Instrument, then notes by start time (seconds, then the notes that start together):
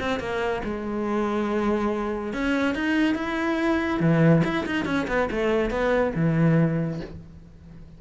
cello
0.00 C4
0.20 A#3
0.64 G#3
2.33 C#4
2.75 D#4
3.15 E4
4.00 E3
4.44 E4
4.66 D#4
4.85 C#4
5.08 B3
5.31 A3
5.70 B3
6.15 E3